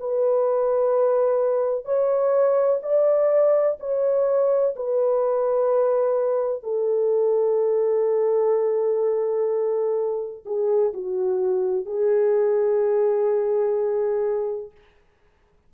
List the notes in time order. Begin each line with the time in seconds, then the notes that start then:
0.00 B4
1.85 C#5
2.83 D5
3.80 C#5
4.76 B4
6.63 A4
10.45 G#4
10.94 F#4
11.86 G#4